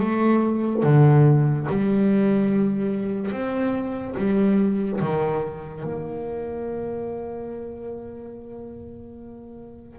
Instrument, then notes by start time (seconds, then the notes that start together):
double bass
0.00 A3
0.83 D3
1.69 G3
3.31 C4
4.17 G3
5.01 D#3
5.84 A#3